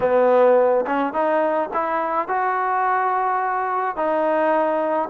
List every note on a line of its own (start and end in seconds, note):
0.00 0.85 B3
0.86 1.13 C#4
1.13 1.69 D#4
1.73 2.28 E4
2.28 3.96 F#4
3.96 5.09 D#4